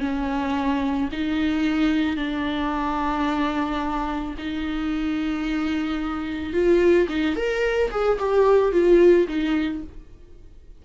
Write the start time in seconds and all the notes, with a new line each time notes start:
0.00 C#4
1.12 D#4
2.16 D4
4.38 D#4
6.53 F4
7.09 D#4
7.36 A#4
7.91 G#4
8.19 G4
8.72 F4
9.28 D#4